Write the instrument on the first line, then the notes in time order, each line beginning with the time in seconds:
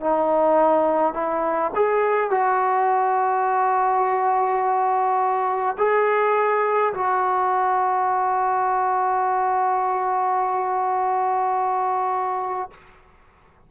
trombone
0.00 D#4
1.13 E4
1.75 G#4
2.30 F#4
5.77 G#4
6.93 F#4